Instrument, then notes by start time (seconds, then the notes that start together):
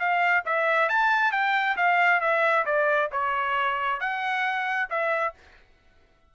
trumpet
0.00 F5
0.46 E5
0.89 A5
1.32 G5
1.77 F5
2.21 E5
2.66 D5
3.12 C#5
4.01 F#5
4.90 E5